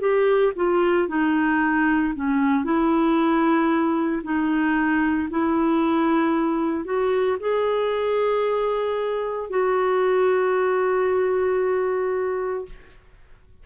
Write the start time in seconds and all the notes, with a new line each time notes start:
0.00 G4
0.56 F4
1.09 D#4
2.15 C#4
2.64 E4
4.23 D#4
5.31 E4
6.85 F#4
7.40 G#4
9.50 F#4